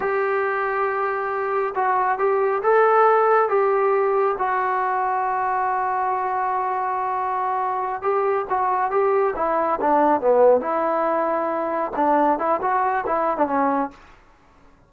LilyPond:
\new Staff \with { instrumentName = "trombone" } { \time 4/4 \tempo 4 = 138 g'1 | fis'4 g'4 a'2 | g'2 fis'2~ | fis'1~ |
fis'2~ fis'8 g'4 fis'8~ | fis'8 g'4 e'4 d'4 b8~ | b8 e'2. d'8~ | d'8 e'8 fis'4 e'8. d'16 cis'4 | }